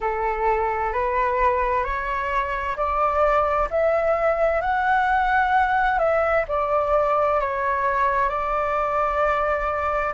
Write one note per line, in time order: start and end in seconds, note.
0.00 0.92 A4
0.92 1.83 B4
1.83 2.76 C#5
2.76 3.68 D5
3.70 4.61 E5
4.61 5.98 F#5
5.98 6.44 E5
6.48 7.40 D5
7.40 8.29 C#5
8.29 10.13 D5